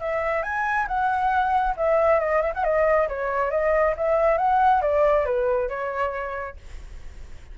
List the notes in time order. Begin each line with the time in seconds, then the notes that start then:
0.00 E5
0.43 G#5
0.88 F#5
1.77 E5
2.20 D#5
2.41 E5
2.55 F#5
2.64 D#5
3.09 C#5
3.51 D#5
3.97 E5
4.38 F#5
4.82 D5
5.25 B4
5.69 C#5